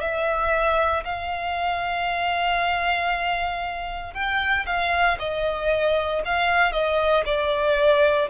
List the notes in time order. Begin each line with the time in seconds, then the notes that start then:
0.00 E5
1.04 F5
4.13 G5
4.66 F5
5.19 D#5
6.24 F5
6.71 D#5
7.25 D5